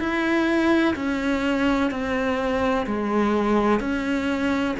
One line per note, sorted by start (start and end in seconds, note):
0.00 0.95 E4
0.96 1.91 C#4
1.91 2.86 C4
2.87 3.80 G#3
3.80 4.75 C#4